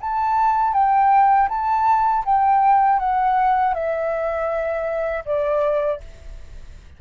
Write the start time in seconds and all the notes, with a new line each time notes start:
0.00 A5
0.73 G5
1.49 A5
2.25 G5
2.99 F#5
3.74 E5
5.25 D5